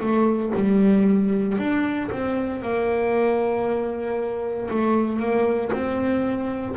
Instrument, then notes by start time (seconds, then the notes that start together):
double bass
0.00 A3
0.55 G3
1.58 D4
2.12 C4
2.62 A#3
4.70 A3
5.20 A#3
5.72 C4